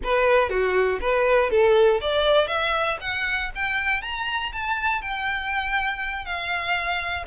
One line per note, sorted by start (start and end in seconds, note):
0.03 0.49 B4
0.49 0.99 F#4
1.00 1.50 B4
1.50 2.00 A4
2.00 2.48 D5
2.48 2.97 E5
3.00 3.50 F#5
3.55 4.02 G5
4.02 4.52 A#5
4.52 5.01 A5
5.01 6.25 G5
6.25 7.25 F5